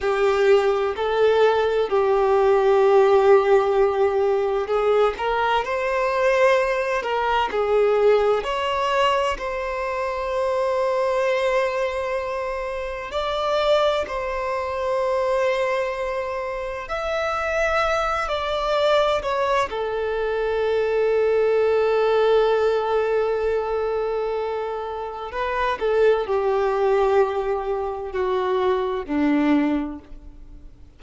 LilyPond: \new Staff \with { instrumentName = "violin" } { \time 4/4 \tempo 4 = 64 g'4 a'4 g'2~ | g'4 gis'8 ais'8 c''4. ais'8 | gis'4 cis''4 c''2~ | c''2 d''4 c''4~ |
c''2 e''4. d''8~ | d''8 cis''8 a'2.~ | a'2. b'8 a'8 | g'2 fis'4 d'4 | }